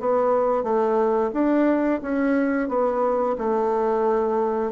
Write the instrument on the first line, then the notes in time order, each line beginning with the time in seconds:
bassoon
0.00 B3
0.63 A3
1.34 D4
2.02 C#4
2.69 B3
3.38 A3